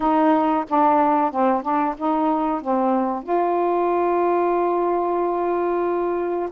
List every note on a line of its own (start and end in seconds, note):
0.00 0.65 D#4
0.68 1.31 D4
1.31 1.62 C4
1.62 1.94 D4
1.97 2.61 D#4
2.61 3.23 C4
3.23 6.49 F4